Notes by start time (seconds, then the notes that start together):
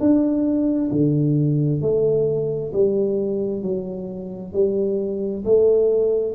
0.00 D4
0.92 D3
1.82 A3
2.73 G3
3.62 F#3
4.53 G3
5.45 A3